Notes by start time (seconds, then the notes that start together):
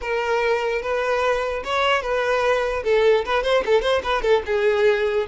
0.01 A#4
0.82 B4
1.64 C#5
2.02 B4
2.84 A4
3.25 B4
3.43 C5
3.65 A4
3.81 C5
4.03 B4
4.22 A4
4.45 G#4